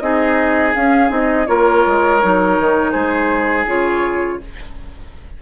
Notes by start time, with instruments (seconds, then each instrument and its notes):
0.00 bassoon C4, clarinet D#4, oboe G#4, flute D#5
0.75 clarinet C#4, bassoon C#4, flute F5
1.09 bassoon C4, clarinet D#4, flute D#5
1.47 bassoon A#3, clarinet F4, oboe A#4, flute C#5
1.87 bassoon G#3
2.22 bassoon F#3, clarinet D#4
2.59 bassoon D#3
2.92 bassoon G#3, oboe G#4, flute C5
3.67 bassoon C#3, clarinet F4, flute C#5